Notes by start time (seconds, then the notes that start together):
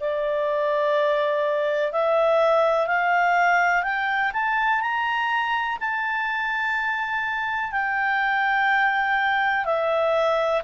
0.00 D5
1.92 E5
2.87 F5
3.83 G5
4.33 A5
4.81 A#5
5.80 A5
7.72 G5
9.65 E5